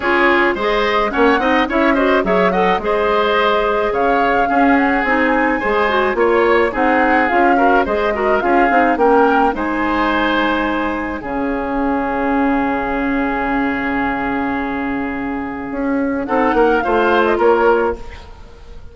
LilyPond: <<
  \new Staff \with { instrumentName = "flute" } { \time 4/4 \tempo 4 = 107 cis''4 dis''4 fis''4 e''8 dis''8 | e''8 fis''8 dis''2 f''4~ | f''8 fis''8 gis''2 cis''4 | fis''4 f''4 dis''4 f''4 |
g''4 gis''2. | f''1~ | f''1~ | f''4 fis''4 f''8. dis''16 cis''4 | }
  \new Staff \with { instrumentName = "oboe" } { \time 4/4 gis'4 c''4 cis''8 dis''8 cis''8 c''8 | cis''8 dis''8 c''2 cis''4 | gis'2 c''4 cis''4 | gis'4. ais'8 c''8 ais'8 gis'4 |
ais'4 c''2. | gis'1~ | gis'1~ | gis'4 a'8 ais'8 c''4 ais'4 | }
  \new Staff \with { instrumentName = "clarinet" } { \time 4/4 f'4 gis'4 cis'8 dis'8 e'8 fis'8 | gis'8 a'8 gis'2. | cis'4 dis'4 gis'8 fis'8 f'4 | dis'4 f'8 fis'8 gis'8 fis'8 f'8 dis'8 |
cis'4 dis'2. | cis'1~ | cis'1~ | cis'4 dis'4 f'2 | }
  \new Staff \with { instrumentName = "bassoon" } { \time 4/4 cis'4 gis4 ais8 c'8 cis'4 | fis4 gis2 cis4 | cis'4 c'4 gis4 ais4 | c'4 cis'4 gis4 cis'8 c'8 |
ais4 gis2. | cis1~ | cis1 | cis'4 c'8 ais8 a4 ais4 | }
>>